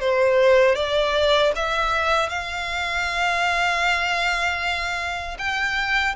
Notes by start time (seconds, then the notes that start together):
0.00 C5
0.76 D5
1.56 E5
2.29 F5
5.38 G5